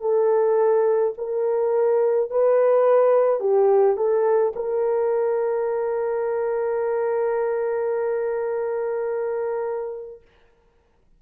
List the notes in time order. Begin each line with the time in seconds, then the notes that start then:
0.00 A4
1.17 A#4
2.31 B4
3.40 G4
3.97 A4
4.55 A#4